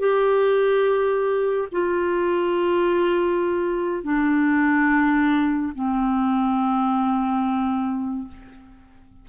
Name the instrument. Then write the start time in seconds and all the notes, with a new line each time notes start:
clarinet
0.00 G4
1.72 F4
4.04 D4
5.75 C4